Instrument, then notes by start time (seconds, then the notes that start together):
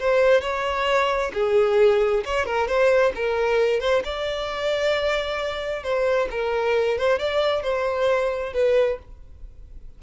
violin
0.00 C5
0.42 C#5
1.34 G#4
2.25 C#5
2.46 A#4
2.68 C5
3.16 A#4
3.80 C5
4.05 D5
5.83 C5
6.31 A#4
6.98 C5
7.19 D5
7.63 C5
8.53 B4